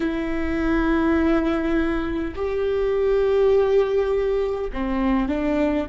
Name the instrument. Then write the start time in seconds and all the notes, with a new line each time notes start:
viola
0.00 E4
2.35 G4
4.73 C4
5.28 D4